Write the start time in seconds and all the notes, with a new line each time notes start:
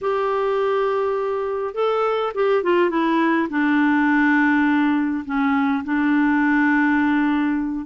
0.01 G4
1.74 A4
2.34 G4
2.63 F4
2.90 E4
3.50 D4
5.25 C#4
5.84 D4